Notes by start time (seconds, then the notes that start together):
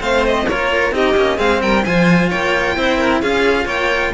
0.00 A3 C4 C5 F5
0.25 D#5
0.48 A#3 F4 A#4 C#5
0.92 C4 D#4 G4 D#5
1.15 A#3 C#4
1.38 G#3 C4 G#4 F5
1.62 G3 A#4 G5
1.85 F3 F4 C5 G#5
2.29 A#3 C#5 G5
2.77 C4 E4 C5
2.98 A#4
3.21 C#4 F4 G#4 F5
3.66 A#3 C#5 G5